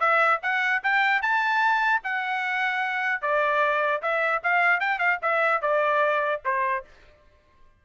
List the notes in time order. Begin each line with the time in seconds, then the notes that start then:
0.00 E5
0.43 F#5
0.83 G5
1.22 A5
2.04 F#5
3.22 D5
4.02 E5
4.43 F5
4.80 G5
4.99 F5
5.22 E5
5.62 D5
6.45 C5